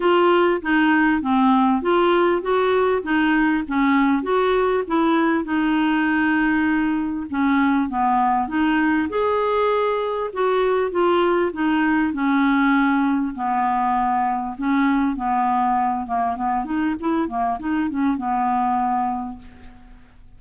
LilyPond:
\new Staff \with { instrumentName = "clarinet" } { \time 4/4 \tempo 4 = 99 f'4 dis'4 c'4 f'4 | fis'4 dis'4 cis'4 fis'4 | e'4 dis'2. | cis'4 b4 dis'4 gis'4~ |
gis'4 fis'4 f'4 dis'4 | cis'2 b2 | cis'4 b4. ais8 b8 dis'8 | e'8 ais8 dis'8 cis'8 b2 | }